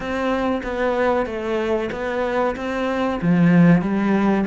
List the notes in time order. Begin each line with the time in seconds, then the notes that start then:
0.00 C4
0.63 B3
1.26 A3
1.91 B3
2.56 C4
3.21 F3
3.81 G3